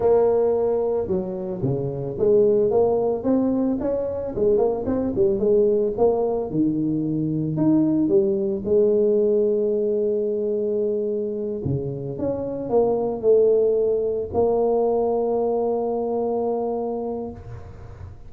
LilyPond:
\new Staff \with { instrumentName = "tuba" } { \time 4/4 \tempo 4 = 111 ais2 fis4 cis4 | gis4 ais4 c'4 cis'4 | gis8 ais8 c'8 g8 gis4 ais4 | dis2 dis'4 g4 |
gis1~ | gis4. cis4 cis'4 ais8~ | ais8 a2 ais4.~ | ais1 | }